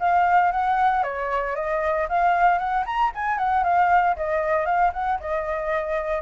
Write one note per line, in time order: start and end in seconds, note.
0.00 0.52 F5
0.52 1.04 F#5
1.04 1.56 C#5
1.56 2.08 D#5
2.09 2.59 F5
2.59 2.85 F#5
2.86 3.12 A#5
3.15 3.38 G#5
3.38 3.64 F#5
3.64 4.16 F5
4.17 4.66 D#5
4.66 4.92 F5
4.94 5.20 F#5
5.21 6.22 D#5